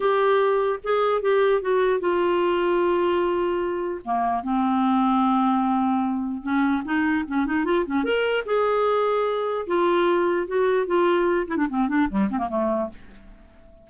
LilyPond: \new Staff \with { instrumentName = "clarinet" } { \time 4/4 \tempo 4 = 149 g'2 gis'4 g'4 | fis'4 f'2.~ | f'2 ais4 c'4~ | c'1 |
cis'4 dis'4 cis'8 dis'8 f'8 cis'8 | ais'4 gis'2. | f'2 fis'4 f'4~ | f'8 e'16 d'16 c'8 d'8 g8 c'16 ais16 a4 | }